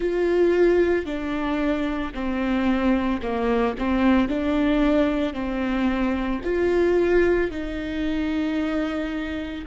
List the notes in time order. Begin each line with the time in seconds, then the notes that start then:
0.00 F4
1.05 D4
2.14 C4
3.21 A#3
3.78 C4
4.28 D4
5.33 C4
6.44 F4
7.50 D#4